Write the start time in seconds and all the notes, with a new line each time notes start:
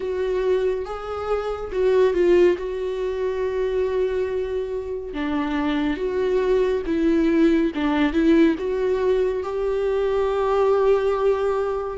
0.00 F#4
0.85 G#4
1.71 F#4
2.13 F4
2.57 F#4
5.14 D4
5.96 F#4
6.86 E4
7.74 D4
8.12 E4
8.58 F#4
9.43 G4